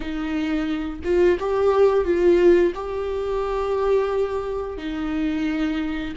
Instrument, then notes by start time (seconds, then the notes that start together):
viola
0.00 D#4
1.04 F4
1.39 G4
2.05 F4
2.75 G4
4.77 D#4